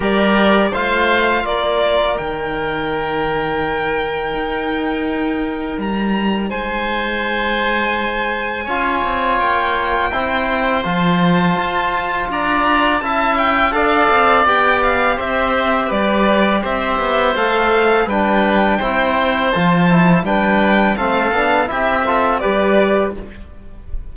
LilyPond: <<
  \new Staff \with { instrumentName = "violin" } { \time 4/4 \tempo 4 = 83 d''4 f''4 d''4 g''4~ | g''1 | ais''4 gis''2.~ | gis''4 g''2 a''4~ |
a''4 ais''4 a''8 g''8 f''4 | g''8 f''8 e''4 d''4 e''4 | f''4 g''2 a''4 | g''4 f''4 e''4 d''4 | }
  \new Staff \with { instrumentName = "oboe" } { \time 4/4 ais'4 c''4 ais'2~ | ais'1~ | ais'4 c''2. | cis''2 c''2~ |
c''4 d''4 e''4 d''4~ | d''4 c''4 b'4 c''4~ | c''4 b'4 c''2 | b'4 a'4 g'8 a'8 b'4 | }
  \new Staff \with { instrumentName = "trombone" } { \time 4/4 g'4 f'2 dis'4~ | dis'1~ | dis'1 | f'2 e'4 f'4~ |
f'2 e'4 a'4 | g'1 | a'4 d'4 e'4 f'8 e'8 | d'4 c'8 d'8 e'8 f'8 g'4 | }
  \new Staff \with { instrumentName = "cello" } { \time 4/4 g4 a4 ais4 dis4~ | dis2 dis'2 | g4 gis2. | cis'8 c'8 ais4 c'4 f4 |
f'4 d'4 cis'4 d'8 c'8 | b4 c'4 g4 c'8 b8 | a4 g4 c'4 f4 | g4 a8 b8 c'4 g4 | }
>>